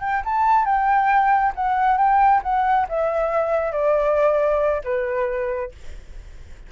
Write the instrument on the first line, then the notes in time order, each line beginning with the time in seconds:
flute
0.00 G5
0.24 A5
0.65 G5
1.55 F#5
1.97 G5
2.42 F#5
2.88 E5
3.72 D5
4.84 B4